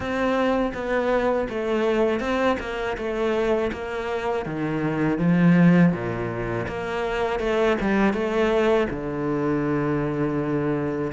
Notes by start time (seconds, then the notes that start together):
0.00 C4
0.74 B3
1.49 A3
2.20 C4
2.59 A#3
2.97 A3
3.72 A#3
4.45 D#3
5.18 F3
5.92 A#2
6.67 A#3
7.39 A3
7.80 G3
8.13 A3
8.90 D3